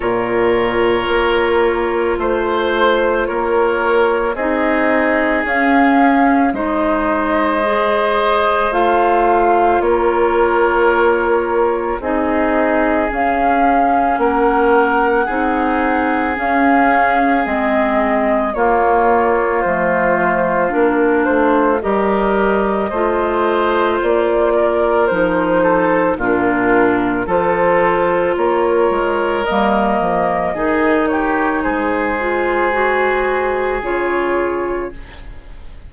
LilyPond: <<
  \new Staff \with { instrumentName = "flute" } { \time 4/4 \tempo 4 = 55 cis''2 c''4 cis''4 | dis''4 f''4 dis''2 | f''4 cis''2 dis''4 | f''4 fis''2 f''4 |
dis''4 cis''4 c''4 ais'8 c''8 | dis''2 d''4 c''4 | ais'4 c''4 cis''4 dis''4~ | dis''8 cis''8 c''2 cis''4 | }
  \new Staff \with { instrumentName = "oboe" } { \time 4/4 ais'2 c''4 ais'4 | gis'2 c''2~ | c''4 ais'2 gis'4~ | gis'4 ais'4 gis'2~ |
gis'4 f'2. | ais'4 c''4. ais'4 a'8 | f'4 a'4 ais'2 | gis'8 g'8 gis'2. | }
  \new Staff \with { instrumentName = "clarinet" } { \time 4/4 f'1 | dis'4 cis'4 dis'4 gis'4 | f'2. dis'4 | cis'2 dis'4 cis'4 |
c'4 ais4 a4 d'4 | g'4 f'2 dis'4 | d'4 f'2 ais4 | dis'4. f'8 fis'4 f'4 | }
  \new Staff \with { instrumentName = "bassoon" } { \time 4/4 ais,4 ais4 a4 ais4 | c'4 cis'4 gis2 | a4 ais2 c'4 | cis'4 ais4 c'4 cis'4 |
gis4 ais4 f4 ais8 a8 | g4 a4 ais4 f4 | ais,4 f4 ais8 gis8 g8 f8 | dis4 gis2 cis4 | }
>>